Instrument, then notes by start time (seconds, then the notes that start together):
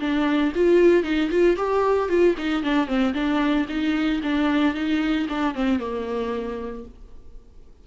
viola
0.00 D4
0.55 F4
1.04 D#4
1.31 F4
1.57 G4
2.09 F4
2.38 D#4
2.63 D4
2.87 C4
3.14 D4
3.69 D#4
4.23 D4
4.74 D#4
5.29 D4
5.55 C4
5.79 A#3